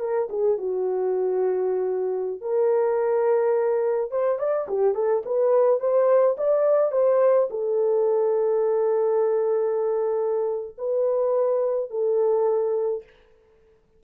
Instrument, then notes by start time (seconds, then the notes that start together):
horn
0.00 A#4
0.30 G#4
0.58 F#4
2.41 A#4
4.11 C5
4.39 D5
4.69 G4
4.95 A4
5.26 B4
5.80 C5
6.38 D5
6.92 C5
7.51 A4
10.78 B4
11.90 A4